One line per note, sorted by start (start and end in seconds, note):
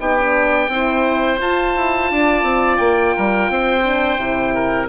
0.00 0.68 B3
0.00 0.17 D#4
0.00 0.71 G4
0.00 1.40 G5
0.18 0.71 D4
0.68 1.38 C4
0.68 1.38 E4
0.68 2.12 C5
1.38 3.82 F4
1.38 1.76 F4
1.38 2.77 A5
1.76 2.11 E4
2.11 2.43 D4
2.11 3.16 D5
2.43 2.78 C4
2.77 3.14 A#3
2.77 4.86 G5
3.16 3.50 G3
3.16 3.51 A#4
3.50 4.18 C4
3.50 4.55 C5
3.84 4.18 D4
4.18 4.88 C3
4.18 4.88 E4
4.55 4.89 A#4